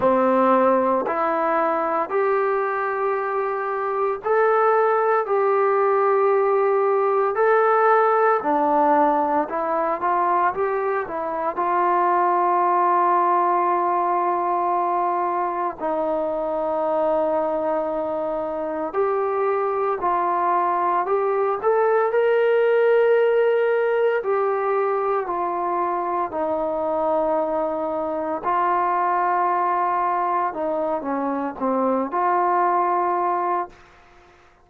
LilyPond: \new Staff \with { instrumentName = "trombone" } { \time 4/4 \tempo 4 = 57 c'4 e'4 g'2 | a'4 g'2 a'4 | d'4 e'8 f'8 g'8 e'8 f'4~ | f'2. dis'4~ |
dis'2 g'4 f'4 | g'8 a'8 ais'2 g'4 | f'4 dis'2 f'4~ | f'4 dis'8 cis'8 c'8 f'4. | }